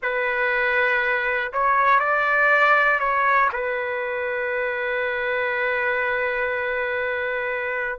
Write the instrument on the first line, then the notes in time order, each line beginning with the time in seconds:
trumpet
0.02 B4
1.52 C#5
1.99 D5
2.99 C#5
3.52 B4